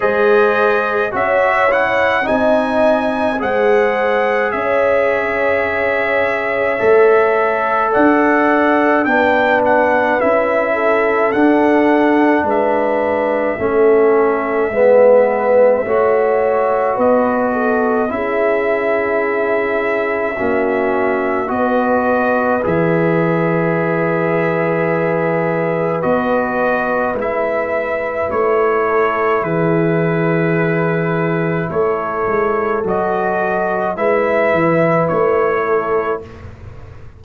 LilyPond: <<
  \new Staff \with { instrumentName = "trumpet" } { \time 4/4 \tempo 4 = 53 dis''4 e''8 fis''8 gis''4 fis''4 | e''2. fis''4 | g''8 fis''8 e''4 fis''4 e''4~ | e''2. dis''4 |
e''2. dis''4 | e''2. dis''4 | e''4 cis''4 b'2 | cis''4 dis''4 e''4 cis''4 | }
  \new Staff \with { instrumentName = "horn" } { \time 4/4 c''4 cis''4 dis''4 c''4 | cis''2. d''4 | b'4. a'4. b'4 | a'4 b'4 cis''4 b'8 a'8 |
gis'2 fis'4 b'4~ | b'1~ | b'4. a'8 gis'2 | a'2 b'4. a'8 | }
  \new Staff \with { instrumentName = "trombone" } { \time 4/4 gis'4 fis'8 e'8 dis'4 gis'4~ | gis'2 a'2 | d'4 e'4 d'2 | cis'4 b4 fis'2 |
e'2 cis'4 fis'4 | gis'2. fis'4 | e'1~ | e'4 fis'4 e'2 | }
  \new Staff \with { instrumentName = "tuba" } { \time 4/4 gis4 cis'4 c'4 gis4 | cis'2 a4 d'4 | b4 cis'4 d'4 gis4 | a4 gis4 a4 b4 |
cis'2 ais4 b4 | e2. b4 | gis4 a4 e2 | a8 gis8 fis4 gis8 e8 a4 | }
>>